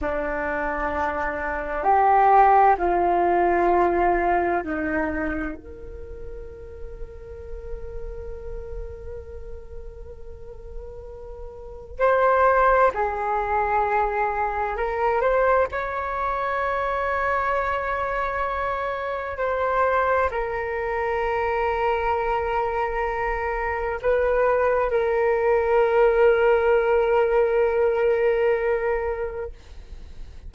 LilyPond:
\new Staff \with { instrumentName = "flute" } { \time 4/4 \tempo 4 = 65 d'2 g'4 f'4~ | f'4 dis'4 ais'2~ | ais'1~ | ais'4 c''4 gis'2 |
ais'8 c''8 cis''2.~ | cis''4 c''4 ais'2~ | ais'2 b'4 ais'4~ | ais'1 | }